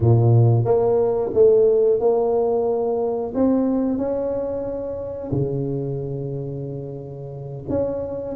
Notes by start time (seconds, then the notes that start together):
0.00 A#2
0.65 A#3
1.33 A3
1.99 A#3
3.34 C4
3.97 C#4
5.31 C#3
7.69 C#4